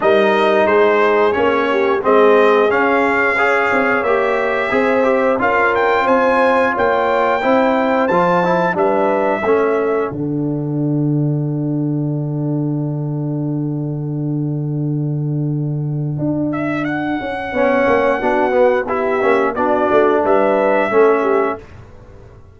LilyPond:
<<
  \new Staff \with { instrumentName = "trumpet" } { \time 4/4 \tempo 4 = 89 dis''4 c''4 cis''4 dis''4 | f''2 e''2 | f''8 g''8 gis''4 g''2 | a''4 e''2 fis''4~ |
fis''1~ | fis''1~ | fis''8 e''8 fis''2. | e''4 d''4 e''2 | }
  \new Staff \with { instrumentName = "horn" } { \time 4/4 ais'4 gis'4. g'8 gis'4~ | gis'4 cis''2 c''4 | ais'4 c''4 cis''4 c''4~ | c''4 b'4 a'2~ |
a'1~ | a'1~ | a'2 cis''4 fis'4 | g'4 fis'4 b'4 a'8 g'8 | }
  \new Staff \with { instrumentName = "trombone" } { \time 4/4 dis'2 cis'4 c'4 | cis'4 gis'4 g'4 gis'8 g'8 | f'2. e'4 | f'8 e'8 d'4 cis'4 d'4~ |
d'1~ | d'1~ | d'2 cis'4 d'8 b8 | e'8 cis'8 d'2 cis'4 | }
  \new Staff \with { instrumentName = "tuba" } { \time 4/4 g4 gis4 ais4 gis4 | cis'4. c'8 ais4 c'4 | cis'4 c'4 ais4 c'4 | f4 g4 a4 d4~ |
d1~ | d1 | d'4. cis'8 b8 ais8 b4~ | b8 ais8 b8 a8 g4 a4 | }
>>